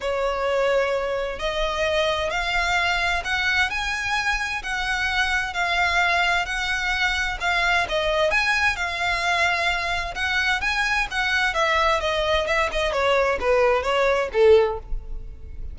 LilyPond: \new Staff \with { instrumentName = "violin" } { \time 4/4 \tempo 4 = 130 cis''2. dis''4~ | dis''4 f''2 fis''4 | gis''2 fis''2 | f''2 fis''2 |
f''4 dis''4 gis''4 f''4~ | f''2 fis''4 gis''4 | fis''4 e''4 dis''4 e''8 dis''8 | cis''4 b'4 cis''4 a'4 | }